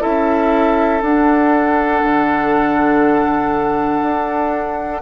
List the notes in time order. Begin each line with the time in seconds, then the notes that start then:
0.00 C#4 E4 A4 E5
1.02 D4 F#5
2.03 D3
4.02 D4